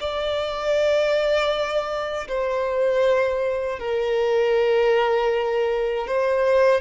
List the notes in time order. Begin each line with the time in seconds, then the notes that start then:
0.00 D5
2.28 C5
3.79 A#4
6.07 C5